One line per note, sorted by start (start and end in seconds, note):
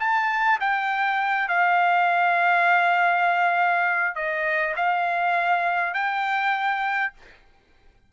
0.00 0.59 A5
0.60 1.49 G5
1.49 4.16 F5
4.16 4.75 D#5
4.77 5.94 F5
5.94 7.13 G5